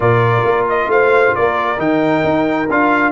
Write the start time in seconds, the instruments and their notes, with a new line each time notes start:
0.00 tuba A#2, trombone F4, horn A#4, trumpet D5
0.44 tuba A#3
0.69 trumpet D#5
0.87 tuba A3, horn C5, trumpet F5
1.35 tuba A#3, horn A#4, trumpet D5
1.78 tuba D#3, trombone D#4, trumpet G5
2.23 tuba D#4
2.70 tuba D4, trombone F4, trumpet F5